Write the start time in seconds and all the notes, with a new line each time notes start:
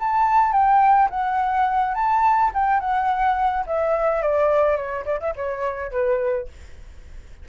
0.00 A5
0.53 G5
1.10 F#5
1.95 A5
2.54 G5
2.80 F#5
3.67 E5
4.22 D5
4.77 C#5
5.06 D5
5.20 E5
5.36 C#5
5.92 B4